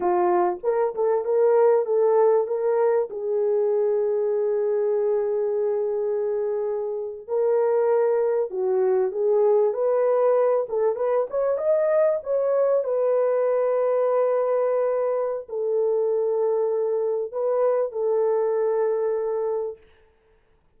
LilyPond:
\new Staff \with { instrumentName = "horn" } { \time 4/4 \tempo 4 = 97 f'4 ais'8 a'8 ais'4 a'4 | ais'4 gis'2.~ | gis'2.~ gis'8. ais'16~ | ais'4.~ ais'16 fis'4 gis'4 b'16~ |
b'4~ b'16 a'8 b'8 cis''8 dis''4 cis''16~ | cis''8. b'2.~ b'16~ | b'4 a'2. | b'4 a'2. | }